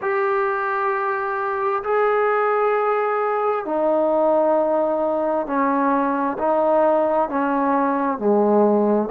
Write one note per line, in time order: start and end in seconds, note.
0.01 1.83 G4
1.83 3.65 G#4
3.65 5.46 D#4
5.46 6.37 C#4
6.38 7.29 D#4
7.29 8.18 C#4
8.18 9.09 G#3